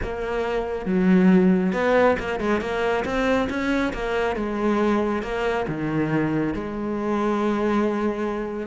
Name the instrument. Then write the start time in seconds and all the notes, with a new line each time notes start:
cello
0.02 A#3
0.85 F#3
1.72 B3
2.19 A#3
2.39 G#3
2.60 A#3
3.04 C4
3.49 C#4
3.93 A#3
4.35 G#3
5.22 A#3
5.68 D#3
6.54 G#3